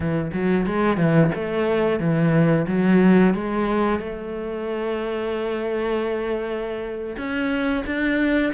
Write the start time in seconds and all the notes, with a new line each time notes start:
0.00 E3
0.33 F#3
0.66 G#3
0.97 E3
1.35 A3
1.99 E3
2.67 F#3
3.34 G#3
3.99 A3
7.17 C#4
7.85 D4